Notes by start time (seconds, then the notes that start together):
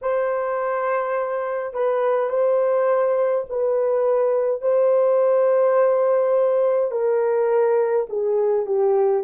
0.01 C5
1.73 B4
2.29 C5
3.49 B4
4.61 C5
6.91 A#4
8.09 G#4
8.65 G4